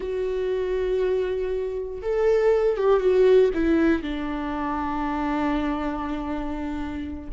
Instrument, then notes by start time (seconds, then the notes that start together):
viola
0.00 F#4
2.02 A4
2.77 G4
3.00 F#4
3.54 E4
4.02 D4